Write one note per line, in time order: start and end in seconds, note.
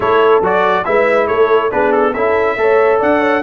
0.00 0.41 A3
0.00 0.43 E4
0.00 0.86 A4
0.00 0.43 C#5
0.41 0.84 F#3
0.41 0.84 F#4
0.41 0.84 D5
0.84 1.29 G#3
0.84 1.70 E4
0.84 1.27 B4
0.84 1.27 E5
1.27 1.72 A3
1.27 1.70 A4
1.27 1.70 C#5
1.71 2.15 B3
1.71 2.14 D4
1.71 2.13 G#4
1.71 1.92 B4
1.92 2.13 A4
2.13 2.56 C#4
2.13 2.57 E4
2.13 2.56 A4
2.13 2.99 E5
2.56 2.99 A3
2.56 3.42 A4
2.56 2.99 C#5
2.99 3.42 D4
2.99 3.20 D5
2.99 3.42 F#5
3.20 3.41 C#5